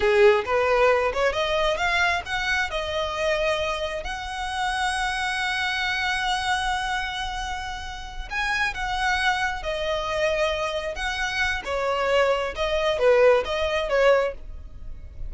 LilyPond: \new Staff \with { instrumentName = "violin" } { \time 4/4 \tempo 4 = 134 gis'4 b'4. cis''8 dis''4 | f''4 fis''4 dis''2~ | dis''4 fis''2.~ | fis''1~ |
fis''2~ fis''8 gis''4 fis''8~ | fis''4. dis''2~ dis''8~ | dis''8 fis''4. cis''2 | dis''4 b'4 dis''4 cis''4 | }